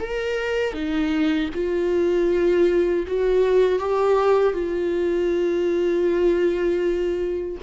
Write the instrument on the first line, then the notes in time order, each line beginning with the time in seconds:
viola
0.00 A#4
0.73 D#4
1.54 F4
3.07 F#4
3.79 G4
4.53 F4